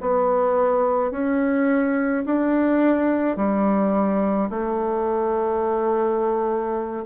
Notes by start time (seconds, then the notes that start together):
0.00 B3
1.11 C#4
2.25 D4
3.36 G3
4.50 A3